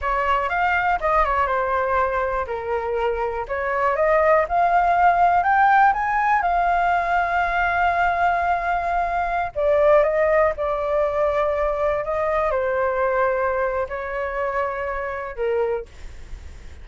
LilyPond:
\new Staff \with { instrumentName = "flute" } { \time 4/4 \tempo 4 = 121 cis''4 f''4 dis''8 cis''8 c''4~ | c''4 ais'2 cis''4 | dis''4 f''2 g''4 | gis''4 f''2.~ |
f''2.~ f''16 d''8.~ | d''16 dis''4 d''2~ d''8.~ | d''16 dis''4 c''2~ c''8. | cis''2. ais'4 | }